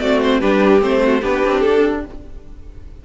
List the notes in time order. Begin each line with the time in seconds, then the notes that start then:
0.00 A3 C4 F#4 D5
0.23 C5
0.40 G3 D4 G4 B4
0.80 A3 C4 C5
1.05 F#4
1.22 B3 D4 G4 B4
1.45 C4
1.60 D4 A4